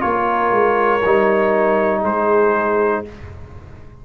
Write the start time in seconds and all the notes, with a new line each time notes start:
0.00 A#3 F4 A#4 C#5
0.51 G#3
1.04 G3 D#4
2.01 G#3 G#4 C5